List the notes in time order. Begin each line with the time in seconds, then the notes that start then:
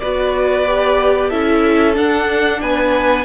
0.00 B3 F#4 B4 D5
0.66 G4
1.29 C#4 E4 A4 E5
1.94 D4 F#5
2.62 B3 B4 G#5